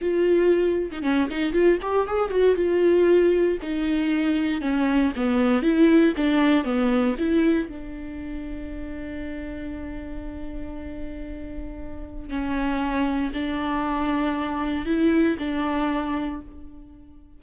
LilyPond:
\new Staff \with { instrumentName = "viola" } { \time 4/4 \tempo 4 = 117 f'4.~ f'16 dis'16 cis'8 dis'8 f'8 g'8 | gis'8 fis'8 f'2 dis'4~ | dis'4 cis'4 b4 e'4 | d'4 b4 e'4 d'4~ |
d'1~ | d'1 | cis'2 d'2~ | d'4 e'4 d'2 | }